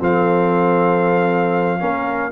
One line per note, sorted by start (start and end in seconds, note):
0.00 1.81 F3
0.00 1.80 C4
0.00 1.81 A4
0.00 2.32 F5
1.80 2.32 A#3
1.80 2.32 C#4
1.80 2.32 A#4